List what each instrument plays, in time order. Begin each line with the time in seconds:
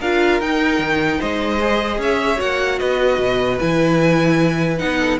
0.00 cello D4, viola F4, violin A#4 F5
0.40 cello D#4, viola D#4, violin G5
0.79 cello D#3
1.19 cello G#3, violin C5 D#5
1.60 viola G#4
1.98 cello C#4, violin C#5 E5
2.37 cello A#3, viola F#4, violin F#5
2.79 cello B3, violin B4 D#5
3.19 cello B2
3.60 cello E3, viola E4, violin G#5
4.79 cello B3, viola D#4, violin F#5
4.98 violin A4